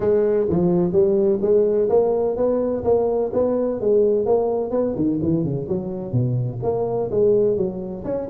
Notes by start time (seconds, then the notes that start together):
0.00 G#3
0.49 F3
0.92 G3
1.41 G#3
1.89 A#3
2.36 B3
2.84 A#3
3.33 B3
3.80 G#3
4.25 A#3
4.71 B3
4.95 D#3
5.22 E3
5.43 C#3
5.68 F#3
6.12 B2
6.62 A#3
7.11 G#3
7.57 F#3
8.04 C#4